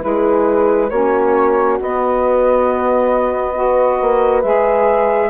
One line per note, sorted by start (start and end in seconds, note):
0.00 0.91 G#3
0.00 0.88 E4
0.00 0.90 G#4
0.00 0.90 B4
0.90 1.79 A#3
0.90 1.80 C#4
0.90 3.55 F#4
0.90 1.78 C#5
1.81 3.54 B3
1.81 4.01 B3
1.81 4.43 D#5
3.54 4.42 F#4
3.54 5.30 B4
4.01 4.44 A#3
4.43 5.30 G#3
4.43 5.30 G#4
4.43 5.30 E5